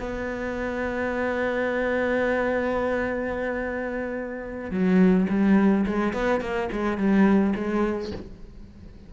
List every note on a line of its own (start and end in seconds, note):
0.00 4.71 B3
4.71 5.27 F#3
5.30 5.86 G3
5.87 6.14 G#3
6.14 6.42 B3
6.42 6.70 A#3
6.73 6.98 G#3
6.98 7.54 G3
7.56 8.12 G#3